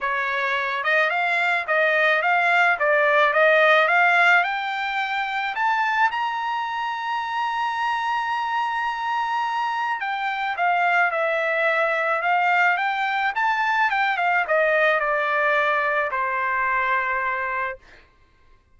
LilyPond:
\new Staff \with { instrumentName = "trumpet" } { \time 4/4 \tempo 4 = 108 cis''4. dis''8 f''4 dis''4 | f''4 d''4 dis''4 f''4 | g''2 a''4 ais''4~ | ais''1~ |
ais''2 g''4 f''4 | e''2 f''4 g''4 | a''4 g''8 f''8 dis''4 d''4~ | d''4 c''2. | }